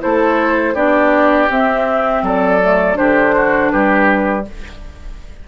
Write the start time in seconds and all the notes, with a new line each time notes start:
0.00 A3 E4 A4 C5
0.75 B3 D4 G4 D5
1.50 C4 E5
2.23 F#3 A4 D5
2.62 A3
2.94 D3 D4 G4 C5
3.36 F#4
3.71 G3 G4 B4